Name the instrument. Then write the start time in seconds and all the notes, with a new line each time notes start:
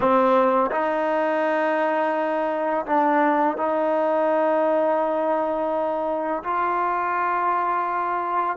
trombone
0.00 C4
0.71 D#4
2.86 D4
3.57 D#4
6.43 F4